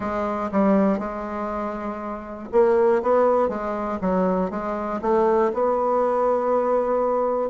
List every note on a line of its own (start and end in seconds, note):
0.00 0.50 G#3
0.51 0.99 G3
0.99 2.49 G#3
2.51 3.01 A#3
3.02 3.49 B3
3.49 3.99 G#3
4.01 4.50 F#3
4.50 5.00 G#3
5.01 5.51 A3
5.53 7.50 B3